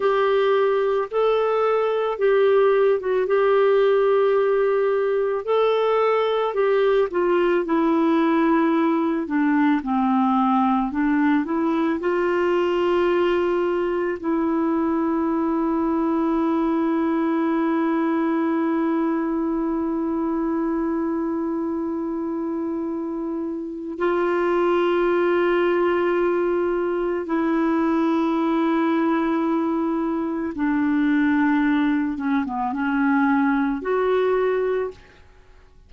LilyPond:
\new Staff \with { instrumentName = "clarinet" } { \time 4/4 \tempo 4 = 55 g'4 a'4 g'8. fis'16 g'4~ | g'4 a'4 g'8 f'8 e'4~ | e'8 d'8 c'4 d'8 e'8 f'4~ | f'4 e'2.~ |
e'1~ | e'2 f'2~ | f'4 e'2. | d'4. cis'16 b16 cis'4 fis'4 | }